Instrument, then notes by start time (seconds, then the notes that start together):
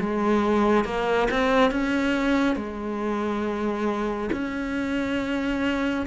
cello
0.00 G#3
0.85 A#3
1.31 C4
1.71 C#4
2.56 G#3
4.32 C#4